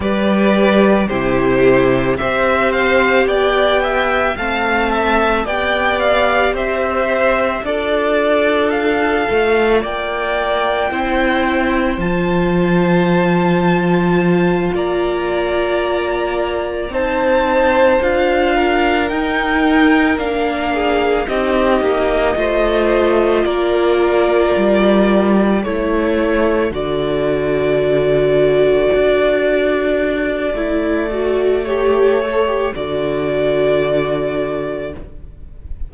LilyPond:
<<
  \new Staff \with { instrumentName = "violin" } { \time 4/4 \tempo 4 = 55 d''4 c''4 e''8 f''8 g''4 | a''4 g''8 f''8 e''4 d''4 | f''4 g''2 a''4~ | a''4. ais''2 a''8~ |
a''8 f''4 g''4 f''4 dis''8~ | dis''4. d''2 cis''8~ | cis''8 d''2.~ d''8~ | d''4 cis''4 d''2 | }
  \new Staff \with { instrumentName = "violin" } { \time 4/4 b'4 g'4 c''4 d''8 e''8 | f''8 e''8 d''4 c''4 a'4~ | a'4 d''4 c''2~ | c''4. d''2 c''8~ |
c''4 ais'2 gis'8 g'8~ | g'8 c''4 ais'2 a'8~ | a'1~ | a'1 | }
  \new Staff \with { instrumentName = "viola" } { \time 4/4 g'4 e'4 g'2 | c'4 g'2 f'4~ | f'2 e'4 f'4~ | f'2.~ f'8 dis'8~ |
dis'8 f'4 dis'4 d'4 dis'8~ | dis'8 f'2. e'8~ | e'8 fis'2.~ fis'8 | e'8 fis'8 g'8 a'16 g'16 fis'2 | }
  \new Staff \with { instrumentName = "cello" } { \time 4/4 g4 c4 c'4 b4 | a4 b4 c'4 d'4~ | d'8 a8 ais4 c'4 f4~ | f4. ais2 c'8~ |
c'8 d'4 dis'4 ais4 c'8 | ais8 a4 ais4 g4 a8~ | a8 d2 d'4. | a2 d2 | }
>>